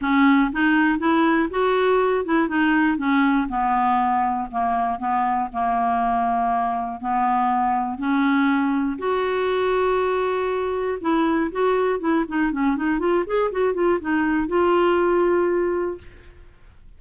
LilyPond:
\new Staff \with { instrumentName = "clarinet" } { \time 4/4 \tempo 4 = 120 cis'4 dis'4 e'4 fis'4~ | fis'8 e'8 dis'4 cis'4 b4~ | b4 ais4 b4 ais4~ | ais2 b2 |
cis'2 fis'2~ | fis'2 e'4 fis'4 | e'8 dis'8 cis'8 dis'8 f'8 gis'8 fis'8 f'8 | dis'4 f'2. | }